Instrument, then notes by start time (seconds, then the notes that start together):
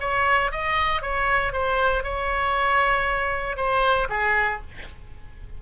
oboe
0.00 C#5
0.52 D#5
1.02 C#5
1.53 C5
2.03 C#5
3.57 C5
4.10 G#4